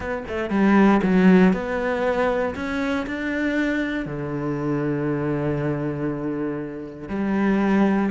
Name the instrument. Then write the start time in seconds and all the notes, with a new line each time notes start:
cello
0.00 B3
0.28 A3
0.49 G3
1.02 F#3
1.53 B3
2.55 C#4
3.06 D4
4.05 D3
7.08 G3